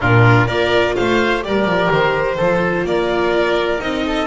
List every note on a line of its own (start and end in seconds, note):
0.00 0.48 A#2
0.00 0.48 D4
0.00 0.47 F4
0.00 0.47 A#4
0.47 0.96 A#3
0.47 1.41 F4
0.47 0.94 A#4
0.47 0.94 D5
0.95 1.46 A3
0.95 1.44 C5
0.95 1.43 F5
1.41 1.64 G3
1.41 2.36 G4
1.41 2.36 A#4
1.41 1.92 D5
1.64 1.88 F3
1.91 2.38 D#3
1.91 2.86 C5
2.36 2.84 F3
2.36 3.79 F4
2.36 2.84 A4
2.84 3.79 A#3
2.84 4.06 A#4
2.84 3.80 D5
3.79 4.27 C4
3.79 4.26 D#4
3.79 4.27 D#5
4.06 4.27 A4